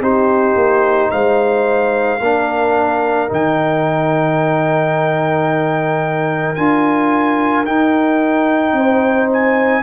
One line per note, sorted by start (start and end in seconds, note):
0.00 0.55 C4
0.00 2.19 D#4
0.00 1.11 G4
0.00 1.10 C5
0.55 1.10 A#3
1.10 2.20 G#3
1.10 2.20 C5
1.10 3.29 F5
2.20 3.29 A#3
2.20 3.27 D4
2.20 8.75 A#4
3.27 6.57 D#3
3.27 6.55 D#4
3.27 6.55 G5
6.55 7.66 D4
6.55 7.65 F4
6.55 7.64 G#5
7.65 9.83 D#4
7.65 8.72 D#4
7.65 9.29 G5
8.72 9.81 C4
8.72 9.83 C5
9.32 9.83 G#5